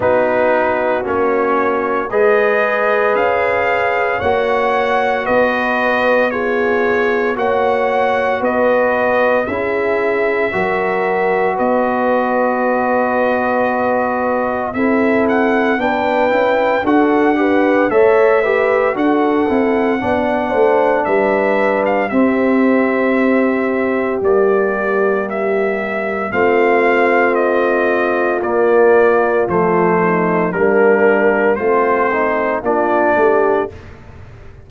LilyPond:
<<
  \new Staff \with { instrumentName = "trumpet" } { \time 4/4 \tempo 4 = 57 b'4 cis''4 dis''4 f''4 | fis''4 dis''4 cis''4 fis''4 | dis''4 e''2 dis''4~ | dis''2 e''8 fis''8 g''4 |
fis''4 e''4 fis''2 | e''8. f''16 e''2 d''4 | e''4 f''4 dis''4 d''4 | c''4 ais'4 c''4 d''4 | }
  \new Staff \with { instrumentName = "horn" } { \time 4/4 fis'2 b'2 | cis''4 b'4 gis'4 cis''4 | b'4 gis'4 ais'4 b'4~ | b'2 a'4 b'4 |
a'8 b'8 cis''8 b'8 a'4 d''8 c''8 | b'4 g'2.~ | g'4 f'2.~ | f'8 dis'8 d'4 c'4 f'8 g'8 | }
  \new Staff \with { instrumentName = "trombone" } { \time 4/4 dis'4 cis'4 gis'2 | fis'2 f'4 fis'4~ | fis'4 e'4 fis'2~ | fis'2 e'4 d'8 e'8 |
fis'8 g'8 a'8 g'8 fis'8 e'8 d'4~ | d'4 c'2 ais4~ | ais4 c'2 ais4 | a4 ais4 f'8 dis'8 d'4 | }
  \new Staff \with { instrumentName = "tuba" } { \time 4/4 b4 ais4 gis4 cis'4 | ais4 b2 ais4 | b4 cis'4 fis4 b4~ | b2 c'4 b8 cis'8 |
d'4 a4 d'8 c'8 b8 a8 | g4 c'2 g4~ | g4 a2 ais4 | f4 g4 a4 ais8 a8 | }
>>